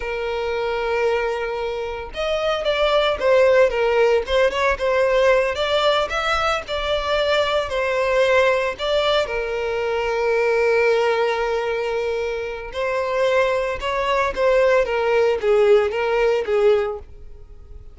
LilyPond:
\new Staff \with { instrumentName = "violin" } { \time 4/4 \tempo 4 = 113 ais'1 | dis''4 d''4 c''4 ais'4 | c''8 cis''8 c''4. d''4 e''8~ | e''8 d''2 c''4.~ |
c''8 d''4 ais'2~ ais'8~ | ais'1 | c''2 cis''4 c''4 | ais'4 gis'4 ais'4 gis'4 | }